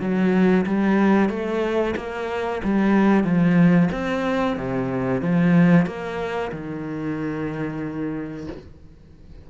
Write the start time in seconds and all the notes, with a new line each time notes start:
0.00 F#3
0.66 G3
1.29 A3
1.96 A#3
2.64 G3
3.24 F3
3.92 C4
4.56 C3
5.21 F3
5.86 A#3
6.51 D#3